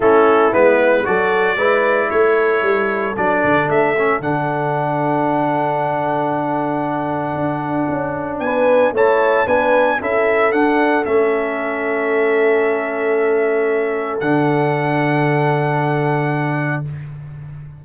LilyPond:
<<
  \new Staff \with { instrumentName = "trumpet" } { \time 4/4 \tempo 4 = 114 a'4 b'4 d''2 | cis''2 d''4 e''4 | fis''1~ | fis''1 |
gis''4 a''4 gis''4 e''4 | fis''4 e''2.~ | e''2. fis''4~ | fis''1 | }
  \new Staff \with { instrumentName = "horn" } { \time 4/4 e'2 a'4 b'4 | a'1~ | a'1~ | a'1 |
b'4 cis''4 b'4 a'4~ | a'1~ | a'1~ | a'1 | }
  \new Staff \with { instrumentName = "trombone" } { \time 4/4 cis'4 b4 fis'4 e'4~ | e'2 d'4. cis'8 | d'1~ | d'1~ |
d'4 e'4 d'4 e'4 | d'4 cis'2.~ | cis'2. d'4~ | d'1 | }
  \new Staff \with { instrumentName = "tuba" } { \time 4/4 a4 gis4 fis4 gis4 | a4 g4 fis8 d8 a4 | d1~ | d2 d'4 cis'4 |
b4 a4 b4 cis'4 | d'4 a2.~ | a2. d4~ | d1 | }
>>